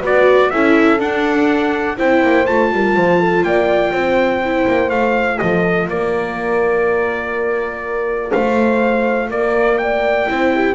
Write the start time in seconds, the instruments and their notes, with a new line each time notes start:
0.00 double bass B3, viola F#4, horn B4, trumpet D5
0.50 double bass C#4, viola E4, horn A4, trumpet E5
1.00 double bass D4, viola D4, trumpet F#5
1.98 double bass C4, viola E4, horn C5, trumpet G5
2.23 double bass A#3
2.46 double bass A3, viola F4, trumpet A5
2.72 double bass G3, horn A#4
2.96 double bass F3, horn C5
3.20 horn A4
3.43 double bass A#3, horn D5, trumpet G5
3.93 double bass C4, horn C5
4.44 viola E4
4.67 double bass A#3
4.90 double bass A3, viola F4, trumpet F5
5.39 double bass F3, horn A4, trumpet D#5
5.88 double bass A#3, horn A#4, trumpet D5
8.31 double bass A3, horn C5, trumpet F5
9.30 double bass A#3, horn A#4, trumpet D5
9.78 horn D5, trumpet G5
10.28 double bass C4, viola E4, horn C5
10.55 horn G4